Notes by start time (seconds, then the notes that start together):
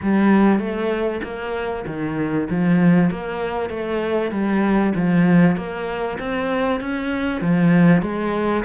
0.02 G3
0.59 A3
1.23 A#3
1.86 D#3
2.49 F3
3.10 A#3
3.69 A3
4.31 G3
4.95 F3
5.56 A#3
6.19 C4
6.80 C#4
7.41 F3
8.02 G#3